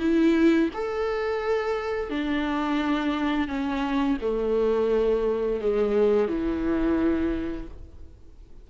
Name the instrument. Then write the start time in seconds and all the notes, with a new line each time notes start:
viola
0.00 E4
0.74 A4
2.10 D4
3.48 C#4
4.21 A3
5.61 G#3
6.29 E3